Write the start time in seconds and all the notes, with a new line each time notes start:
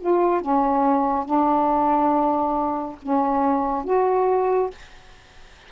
0.00 F4
0.41 C#4
1.25 D4
3.02 C#4
3.85 F#4